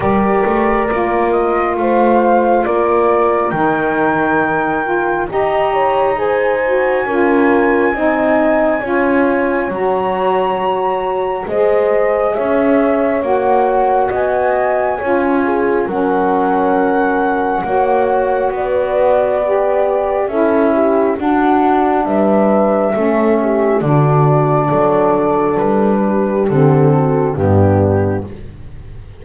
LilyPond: <<
  \new Staff \with { instrumentName = "flute" } { \time 4/4 \tempo 4 = 68 d''4. dis''8 f''4 d''4 | g''2 ais''4 gis''4~ | gis''2. ais''4~ | ais''4 dis''4 e''4 fis''4 |
gis''2 fis''2~ | fis''4 d''2 e''4 | fis''4 e''2 d''4~ | d''4 b'4 a'4 g'4 | }
  \new Staff \with { instrumentName = "horn" } { \time 4/4 ais'2 c''4 ais'4~ | ais'2 dis''8 cis''8 c''4 | ais'4 dis''4 cis''2~ | cis''4 c''4 cis''2 |
dis''4 cis''8 gis'8 ais'2 | cis''4 b'2 a'8 g'8 | fis'4 b'4 a'8 g'8 fis'4 | a'4. g'4 fis'8 d'4 | }
  \new Staff \with { instrumentName = "saxophone" } { \time 4/4 g'4 f'2. | dis'4. f'8 g'4 gis'8 fis'8 | f'4 dis'4 f'4 fis'4~ | fis'4 gis'2 fis'4~ |
fis'4 f'4 cis'2 | fis'2 g'4 e'4 | d'2 cis'4 d'4~ | d'2 c'4 b4 | }
  \new Staff \with { instrumentName = "double bass" } { \time 4/4 g8 a8 ais4 a4 ais4 | dis2 dis'2 | cis'4 c'4 cis'4 fis4~ | fis4 gis4 cis'4 ais4 |
b4 cis'4 fis2 | ais4 b2 cis'4 | d'4 g4 a4 d4 | fis4 g4 d4 g,4 | }
>>